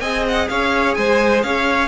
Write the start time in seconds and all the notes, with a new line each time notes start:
0.00 C4 G#4 D#5 G#5
0.28 F#5
0.48 C#4 C#5 F5
0.94 G#3 C5 G#5
1.42 C#4 C#5 F5